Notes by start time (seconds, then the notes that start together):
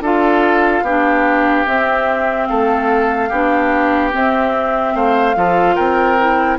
0.00 D4 F4 A4 F5
0.82 B3 D4 G4
1.66 C4 E5
2.46 A3 A4 F5
3.29 B3 D4 G4
4.12 C4 E5
4.94 A3 C5 F5
5.35 F3 F4 A4
5.75 C4 A#4 G5
6.18 E4